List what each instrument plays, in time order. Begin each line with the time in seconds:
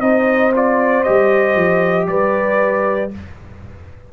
0.00 tuba C4, trombone D#4, horn C5, trumpet D#5
0.55 trombone F4, trumpet D5
1.03 tuba G3, trombone G4, trumpet D#5
1.56 tuba F3
2.07 tuba G3, horn B4, trumpet D5